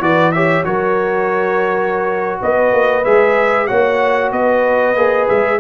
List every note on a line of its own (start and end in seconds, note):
0.00 0.64 E3
0.00 0.33 F#4
0.00 0.35 B4
0.00 0.32 D5
0.32 0.65 G4
0.32 0.66 C#5
0.32 0.64 E5
0.64 2.40 F#3
0.64 3.04 F#4
0.64 2.41 A#4
0.64 2.40 C#5
2.41 2.73 B3
2.41 3.68 B4
2.41 3.05 D#5
2.73 3.05 A#3
3.04 3.70 G#3
3.04 3.68 G#4
3.04 3.67 E5
3.67 4.32 A#3
3.67 4.96 F#4
3.67 4.32 C#5
3.67 4.31 F#5
4.32 4.95 B3
4.32 5.60 B4
4.32 5.28 D#5
4.95 5.27 A#3
4.95 5.60 G#4
5.28 5.60 G#3
5.28 5.60 E5